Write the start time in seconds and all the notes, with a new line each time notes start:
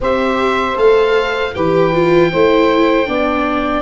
0.00 C4 G4 C5 E5
0.76 A3 A4 F5
1.54 E3 G4 B4 G5
1.92 F4
2.31 A3 E4 C5
3.05 B3 D4 D5